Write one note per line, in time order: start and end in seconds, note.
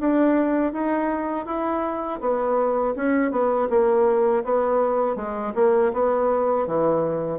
0.00 0.73 D4
0.73 1.46 D#4
1.46 2.20 E4
2.21 2.95 B3
2.96 3.31 C#4
3.31 3.68 B3
3.70 4.44 A#3
4.44 5.16 B3
5.16 5.53 G#3
5.55 5.92 A#3
5.93 6.67 B3
6.67 7.39 E3